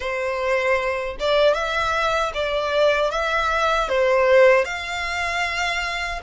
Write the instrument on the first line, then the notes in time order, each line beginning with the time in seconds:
violin
0.00 C5
1.19 D5
1.54 E5
2.34 D5
3.10 E5
3.88 C5
4.64 F5